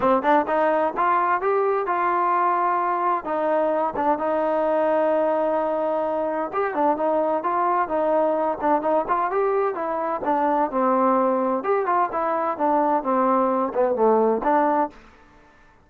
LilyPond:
\new Staff \with { instrumentName = "trombone" } { \time 4/4 \tempo 4 = 129 c'8 d'8 dis'4 f'4 g'4 | f'2. dis'4~ | dis'8 d'8 dis'2.~ | dis'2 g'8 d'8 dis'4 |
f'4 dis'4. d'8 dis'8 f'8 | g'4 e'4 d'4 c'4~ | c'4 g'8 f'8 e'4 d'4 | c'4. b8 a4 d'4 | }